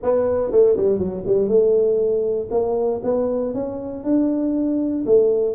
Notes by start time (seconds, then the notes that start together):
0.03 B3
0.51 A3
0.76 G3
0.99 F#3
1.26 G3
1.48 A3
2.50 A#3
3.03 B3
3.54 C#4
4.04 D4
5.06 A3